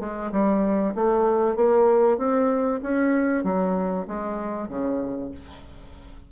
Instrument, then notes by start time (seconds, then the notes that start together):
bassoon
0.00 G#3
0.32 G3
0.95 A3
1.56 A#3
2.18 C4
2.83 C#4
3.44 F#3
4.08 G#3
4.69 C#3